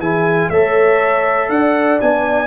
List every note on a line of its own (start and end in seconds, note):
0.00 0.50 E3
0.00 0.53 E4
0.00 0.51 G#4
0.00 0.50 G#5
0.50 1.49 A3
0.50 2.01 A4
0.50 1.51 C#5
0.50 1.50 E5
1.49 1.99 D4
1.49 2.47 D5
1.49 2.00 F#5
2.01 2.47 B3
2.01 2.47 D4
2.01 2.47 G#5